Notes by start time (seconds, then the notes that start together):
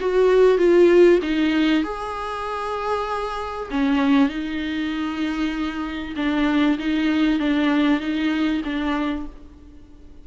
0.00 F#4
0.58 F4
1.22 D#4
1.83 G#4
3.71 C#4
4.29 D#4
6.16 D4
6.78 D#4
7.39 D4
8.00 D#4
8.64 D4